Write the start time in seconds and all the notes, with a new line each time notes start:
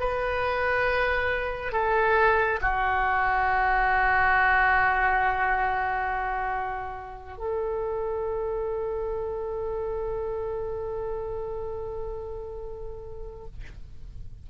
0.00 B4
1.72 A4
2.61 F#4
7.38 A4